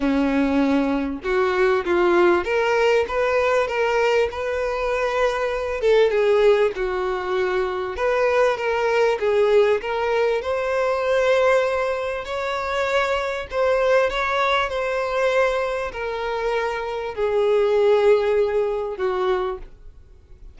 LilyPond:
\new Staff \with { instrumentName = "violin" } { \time 4/4 \tempo 4 = 98 cis'2 fis'4 f'4 | ais'4 b'4 ais'4 b'4~ | b'4. a'8 gis'4 fis'4~ | fis'4 b'4 ais'4 gis'4 |
ais'4 c''2. | cis''2 c''4 cis''4 | c''2 ais'2 | gis'2. fis'4 | }